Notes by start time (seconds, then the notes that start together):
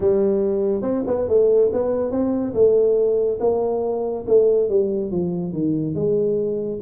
0.00 G3
0.81 C4
1.07 B3
1.28 A3
1.72 B3
2.11 C4
2.54 A3
3.39 A#3
4.27 A3
4.69 G3
5.11 F3
5.52 D#3
5.95 G#3